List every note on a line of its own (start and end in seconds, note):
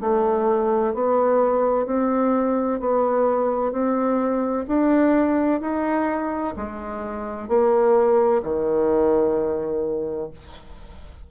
0.00 0.93 A3
0.93 1.86 B3
1.86 2.80 C4
2.80 3.72 B3
3.72 4.65 C4
4.67 5.60 D4
5.60 6.54 D#4
6.56 7.48 G#3
7.48 8.42 A#3
8.42 10.30 D#3